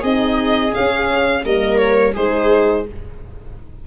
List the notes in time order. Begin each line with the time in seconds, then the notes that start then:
0.00 C4 D#4 G#4 D#5
0.70 C#4 F5
0.77 C#4
1.44 G3 A#3 A#4 D#5
1.77 C#5
2.14 G#3 D#4 G#4 C5